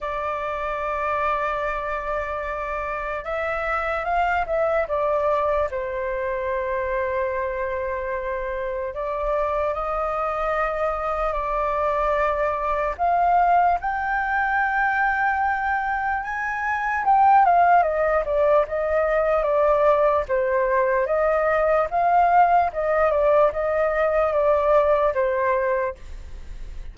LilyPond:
\new Staff \with { instrumentName = "flute" } { \time 4/4 \tempo 4 = 74 d''1 | e''4 f''8 e''8 d''4 c''4~ | c''2. d''4 | dis''2 d''2 |
f''4 g''2. | gis''4 g''8 f''8 dis''8 d''8 dis''4 | d''4 c''4 dis''4 f''4 | dis''8 d''8 dis''4 d''4 c''4 | }